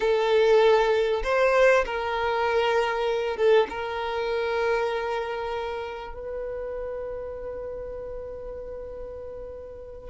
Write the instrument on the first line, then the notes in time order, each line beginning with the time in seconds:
violin
0.00 A4
1.23 C5
1.85 A#4
3.36 A4
3.69 A#4
6.14 B4